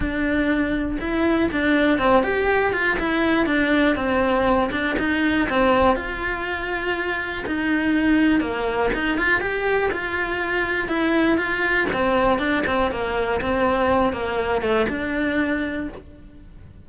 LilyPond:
\new Staff \with { instrumentName = "cello" } { \time 4/4 \tempo 4 = 121 d'2 e'4 d'4 | c'8 g'4 f'8 e'4 d'4 | c'4. d'8 dis'4 c'4 | f'2. dis'4~ |
dis'4 ais4 dis'8 f'8 g'4 | f'2 e'4 f'4 | c'4 d'8 c'8 ais4 c'4~ | c'8 ais4 a8 d'2 | }